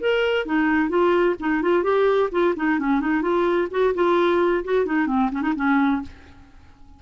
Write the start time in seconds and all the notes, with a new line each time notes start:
0.00 A#4
0.46 D#4
0.89 F4
1.40 D#4
1.62 F4
1.83 G4
2.31 F4
2.56 D#4
2.79 C#4
3.00 D#4
3.22 F4
3.71 F#4
3.95 F4
4.64 F#4
4.86 D#4
5.07 C4
5.32 C#4
5.42 D#4
5.56 C#4